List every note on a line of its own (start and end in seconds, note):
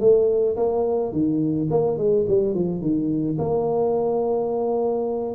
0.00 0.56 A3
0.57 1.13 A#3
1.13 1.69 D#3
1.71 1.98 A#3
1.98 2.26 G#3
2.28 2.54 G3
2.54 2.81 F3
2.81 3.37 D#3
3.39 5.35 A#3